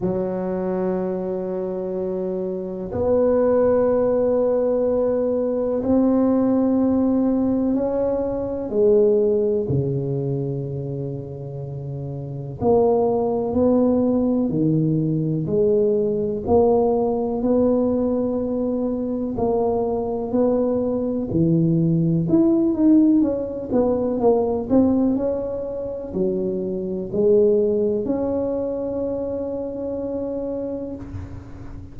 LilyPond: \new Staff \with { instrumentName = "tuba" } { \time 4/4 \tempo 4 = 62 fis2. b4~ | b2 c'2 | cis'4 gis4 cis2~ | cis4 ais4 b4 dis4 |
gis4 ais4 b2 | ais4 b4 e4 e'8 dis'8 | cis'8 b8 ais8 c'8 cis'4 fis4 | gis4 cis'2. | }